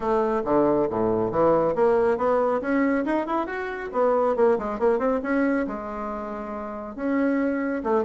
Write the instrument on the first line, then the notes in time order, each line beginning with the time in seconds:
bassoon
0.00 A3
0.44 D3
0.89 A2
1.31 E3
1.75 A#3
2.17 B3
2.61 C#4
3.05 D#4
3.26 E4
3.46 F#4
3.92 B3
4.36 A#3
4.58 G#3
4.79 A#3
4.98 C4
5.23 C#4
5.67 G#3
6.95 C#4
7.83 A3